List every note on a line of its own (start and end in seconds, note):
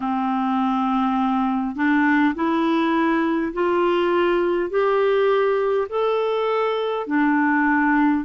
0.00 1.75 C4
1.75 2.34 D4
2.35 3.52 E4
3.53 4.70 F4
4.70 5.87 G4
5.89 7.06 A4
7.06 8.24 D4